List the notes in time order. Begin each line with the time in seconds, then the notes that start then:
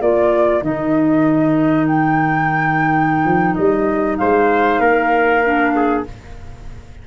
0.00 A#3 F4 A#4 D5
0.62 D#3 D#4 D#5
1.86 G5
3.24 F3
3.54 G3 D#5
4.17 G#3 C5 F5
4.79 A#3 A#4
5.43 D4
5.76 G#4